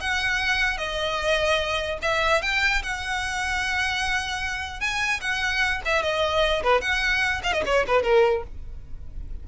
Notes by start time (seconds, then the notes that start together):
0.00 F#5
0.77 D#5
2.02 E5
2.42 G5
2.82 F#5
4.80 G#5
5.20 F#5
5.85 E5
6.02 D#5
6.63 B4
6.81 F#5
7.43 F5
7.52 D#5
7.65 C#5
7.87 B4
8.02 A#4